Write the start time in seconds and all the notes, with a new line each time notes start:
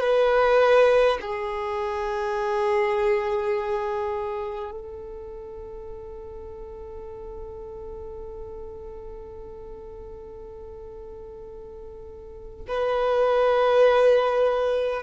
0.00 B4
1.21 G#4
4.71 A4
12.67 B4